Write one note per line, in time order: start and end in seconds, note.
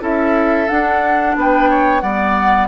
0.00 0.67 C#4
0.00 0.67 E4
0.00 1.35 A4
0.00 0.68 E5
0.68 2.02 D4
0.68 1.36 D4
0.68 1.35 F#5
1.36 2.02 B3
1.36 1.69 B4
1.36 2.00 G5
1.69 2.02 C#5
2.00 2.67 G3
2.00 2.67 B3
2.00 2.67 D5
2.00 2.67 F#5